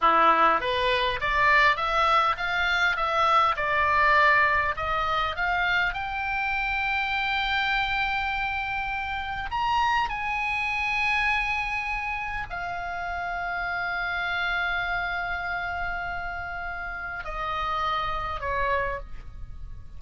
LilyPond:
\new Staff \with { instrumentName = "oboe" } { \time 4/4 \tempo 4 = 101 e'4 b'4 d''4 e''4 | f''4 e''4 d''2 | dis''4 f''4 g''2~ | g''1 |
ais''4 gis''2.~ | gis''4 f''2.~ | f''1~ | f''4 dis''2 cis''4 | }